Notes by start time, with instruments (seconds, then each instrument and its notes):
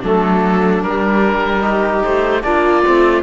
0.00 cello F#3, trombone A3, viola D4, oboe A4
0.82 cello G3, trombone G3, oboe A#4
1.61 trombone D#4, viola G4
2.04 cello A3, oboe C5
2.42 cello A#3, trombone D4, viola F4, oboe D5
2.84 cello A3, trombone C4